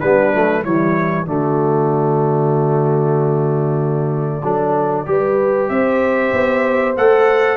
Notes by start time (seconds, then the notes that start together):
0.00 G3 B3 D4 B4
0.34 F#3 A3
0.64 E3 G3 E4 C#5
1.26 D3 A3 F#4 D5
4.42 F#3 D4 A4
5.06 G3 G4 B4
5.69 C4 C5 E5
6.33 B3
6.97 A3 A4 F#5